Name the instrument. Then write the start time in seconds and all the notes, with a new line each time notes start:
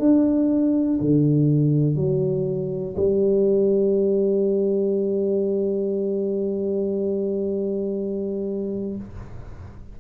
tuba
0.00 D4
1.01 D3
1.96 F#3
2.97 G3